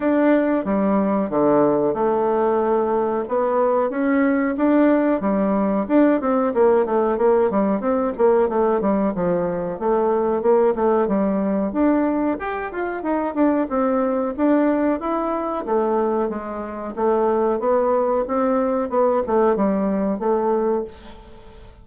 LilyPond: \new Staff \with { instrumentName = "bassoon" } { \time 4/4 \tempo 4 = 92 d'4 g4 d4 a4~ | a4 b4 cis'4 d'4 | g4 d'8 c'8 ais8 a8 ais8 g8 | c'8 ais8 a8 g8 f4 a4 |
ais8 a8 g4 d'4 g'8 f'8 | dis'8 d'8 c'4 d'4 e'4 | a4 gis4 a4 b4 | c'4 b8 a8 g4 a4 | }